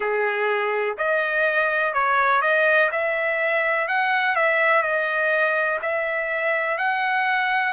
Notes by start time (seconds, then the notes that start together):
0.00 G#4
0.97 D#5
1.94 C#5
2.41 D#5
2.91 E5
3.88 F#5
4.35 E5
4.82 D#5
5.82 E5
6.77 F#5